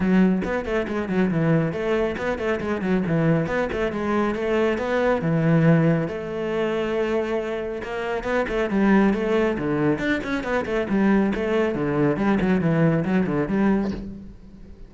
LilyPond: \new Staff \with { instrumentName = "cello" } { \time 4/4 \tempo 4 = 138 fis4 b8 a8 gis8 fis8 e4 | a4 b8 a8 gis8 fis8 e4 | b8 a8 gis4 a4 b4 | e2 a2~ |
a2 ais4 b8 a8 | g4 a4 d4 d'8 cis'8 | b8 a8 g4 a4 d4 | g8 fis8 e4 fis8 d8 g4 | }